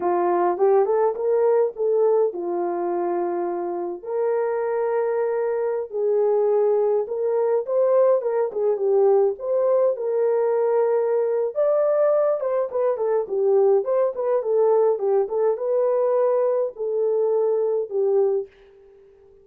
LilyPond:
\new Staff \with { instrumentName = "horn" } { \time 4/4 \tempo 4 = 104 f'4 g'8 a'8 ais'4 a'4 | f'2. ais'4~ | ais'2~ ais'16 gis'4.~ gis'16~ | gis'16 ais'4 c''4 ais'8 gis'8 g'8.~ |
g'16 c''4 ais'2~ ais'8. | d''4. c''8 b'8 a'8 g'4 | c''8 b'8 a'4 g'8 a'8 b'4~ | b'4 a'2 g'4 | }